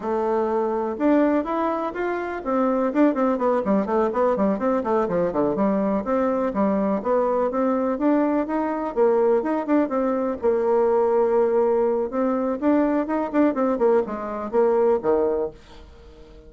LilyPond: \new Staff \with { instrumentName = "bassoon" } { \time 4/4 \tempo 4 = 124 a2 d'4 e'4 | f'4 c'4 d'8 c'8 b8 g8 | a8 b8 g8 c'8 a8 f8 d8 g8~ | g8 c'4 g4 b4 c'8~ |
c'8 d'4 dis'4 ais4 dis'8 | d'8 c'4 ais2~ ais8~ | ais4 c'4 d'4 dis'8 d'8 | c'8 ais8 gis4 ais4 dis4 | }